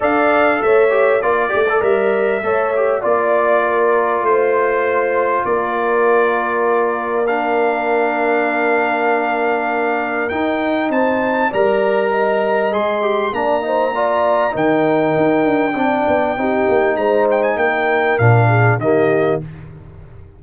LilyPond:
<<
  \new Staff \with { instrumentName = "trumpet" } { \time 4/4 \tempo 4 = 99 f''4 e''4 d''4 e''4~ | e''4 d''2 c''4~ | c''4 d''2. | f''1~ |
f''4 g''4 a''4 ais''4~ | ais''4 c'''4 ais''2 | g''1 | ais''8 g''16 gis''16 g''4 f''4 dis''4 | }
  \new Staff \with { instrumentName = "horn" } { \time 4/4 d''4 cis''4 d''2 | cis''4 d''4 ais'4 c''4~ | c''4 ais'2.~ | ais'1~ |
ais'2 c''4 d''4 | dis''2 d''8 c''8 d''4 | ais'2 d''4 g'4 | c''4 ais'4. gis'8 g'4 | }
  \new Staff \with { instrumentName = "trombone" } { \time 4/4 a'4. g'8 f'8 g'16 a'16 ais'4 | a'8 g'8 f'2.~ | f'1 | d'1~ |
d'4 dis'2 ais'4~ | ais'4 gis'8 g'8 d'8 dis'8 f'4 | dis'2 d'4 dis'4~ | dis'2 d'4 ais4 | }
  \new Staff \with { instrumentName = "tuba" } { \time 4/4 d'4 a4 ais8 a8 g4 | a4 ais2 a4~ | a4 ais2.~ | ais1~ |
ais4 dis'4 c'4 g4~ | g4 gis4 ais2 | dis4 dis'8 d'8 c'8 b8 c'8 ais8 | gis4 ais4 ais,4 dis4 | }
>>